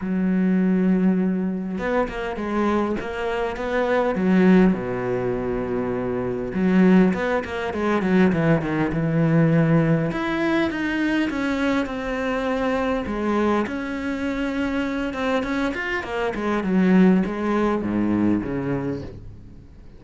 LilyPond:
\new Staff \with { instrumentName = "cello" } { \time 4/4 \tempo 4 = 101 fis2. b8 ais8 | gis4 ais4 b4 fis4 | b,2. fis4 | b8 ais8 gis8 fis8 e8 dis8 e4~ |
e4 e'4 dis'4 cis'4 | c'2 gis4 cis'4~ | cis'4. c'8 cis'8 f'8 ais8 gis8 | fis4 gis4 gis,4 cis4 | }